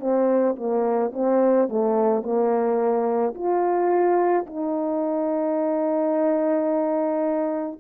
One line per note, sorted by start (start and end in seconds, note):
0.00 0.56 C4
0.57 1.12 A#3
1.14 1.69 C4
1.69 2.23 A3
2.23 3.34 A#3
3.35 4.46 F4
4.46 7.80 D#4